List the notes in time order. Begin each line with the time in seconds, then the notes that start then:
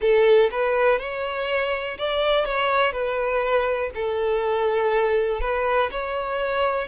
0.00 A4
0.51 B4
0.99 C#5
1.98 D5
2.45 C#5
2.92 B4
3.94 A4
5.41 B4
5.91 C#5